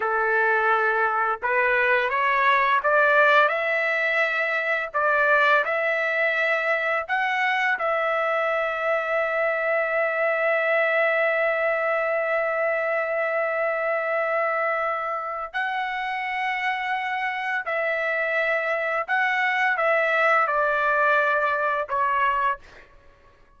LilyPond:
\new Staff \with { instrumentName = "trumpet" } { \time 4/4 \tempo 4 = 85 a'2 b'4 cis''4 | d''4 e''2 d''4 | e''2 fis''4 e''4~ | e''1~ |
e''1~ | e''2 fis''2~ | fis''4 e''2 fis''4 | e''4 d''2 cis''4 | }